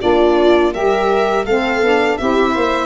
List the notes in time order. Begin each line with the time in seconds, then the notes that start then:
0.00 A#3 D4 F4 D5
0.72 G3 G4 A#4 E5
1.45 A3 C4 A4 F5
1.81 B3 D4
2.18 C4 E4 G4 E5
2.51 A#3 C5